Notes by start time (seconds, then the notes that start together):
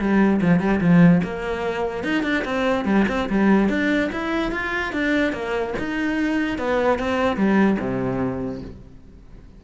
0.00 G3
0.42 F3
0.60 G3
0.81 F3
1.24 A#3
2.04 D#4
2.24 D4
2.45 C4
2.86 G3
3.09 C4
3.30 G3
3.69 D4
4.13 E4
4.52 F4
4.93 D4
5.33 A#3
5.79 D#4
6.59 B3
7.00 C4
7.37 G3
7.80 C3